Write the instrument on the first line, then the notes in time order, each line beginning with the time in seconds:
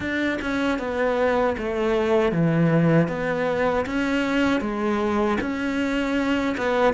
cello
0.00 D4
0.41 C#4
0.79 B3
1.57 A3
2.32 E3
3.08 B3
3.86 C#4
4.60 G#3
5.40 C#4
6.57 B3